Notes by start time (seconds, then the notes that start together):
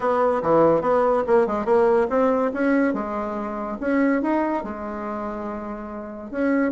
0.00 B3
0.42 E3
0.81 B3
1.26 A#3
1.46 G#3
1.65 A#3
2.09 C4
2.53 C#4
2.93 G#3
3.80 C#4
4.21 D#4
4.63 G#3
6.30 C#4